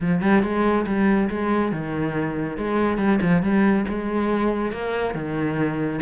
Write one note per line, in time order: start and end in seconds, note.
0.01 0.21 F3
0.21 0.42 G3
0.42 0.85 G#3
0.86 1.29 G3
1.29 1.71 G#3
1.71 2.57 D#3
2.57 2.97 G#3
2.97 3.19 G3
3.21 3.42 F3
3.42 3.85 G3
3.88 4.71 G#3
4.71 5.14 A#3
5.14 6.00 D#3